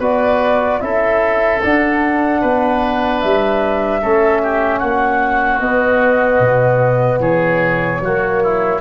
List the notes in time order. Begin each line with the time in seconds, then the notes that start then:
0.00 B3 F#4 B4 D5
0.81 C#4 E4 A4 E5
1.63 D4 F#5
2.42 B3 B4
3.21 G3 E5
4.02 A3 C#4 A4
4.43 G4
4.79 A#3 F#4 F#5
5.60 B3 D#5
6.40 B2
7.20 E3 G#4 C#5
8.00 F#3 A#3 F#4
8.43 E4